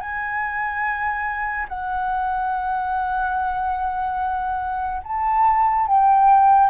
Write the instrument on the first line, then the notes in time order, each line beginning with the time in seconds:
flute
0.00 G#5
1.69 F#5
5.03 A5
5.86 G5